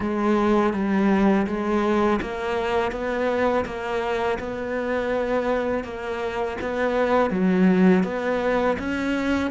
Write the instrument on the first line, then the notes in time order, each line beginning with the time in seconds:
cello
0.00 G#3
0.73 G3
1.46 G#3
2.21 A#3
2.91 B3
3.65 A#3
4.39 B3
5.84 A#3
6.61 B3
7.30 F#3
8.03 B3
8.78 C#4